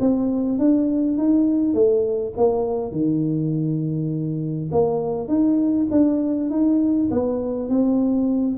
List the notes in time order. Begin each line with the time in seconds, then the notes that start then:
0.00 C4
0.58 D4
1.17 D#4
1.74 A3
2.37 A#3
2.92 D#3
4.71 A#3
5.28 D#4
5.91 D4
6.50 D#4
7.11 B3
7.69 C4